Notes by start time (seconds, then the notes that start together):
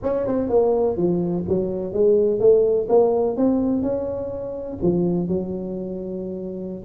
0.02 C#4
0.26 C4
0.49 A#3
0.96 F3
1.48 F#3
1.93 G#3
2.39 A3
2.88 A#3
3.36 C4
3.82 C#4
4.82 F3
5.28 F#3